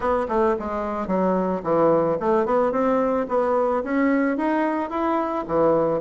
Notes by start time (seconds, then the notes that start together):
0.00 B3
0.28 A3
0.59 G#3
1.07 F#3
1.63 E3
2.20 A3
2.45 B3
2.71 C4
3.28 B3
3.83 C#4
4.37 D#4
4.90 E4
5.47 E3